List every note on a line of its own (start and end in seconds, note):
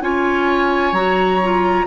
0.00 0.92 C#4
0.00 0.93 F4
0.00 1.86 C#5
0.00 0.93 G#5
0.92 1.84 F#3
0.92 1.40 F#4
0.92 1.86 A#5
1.42 1.86 F4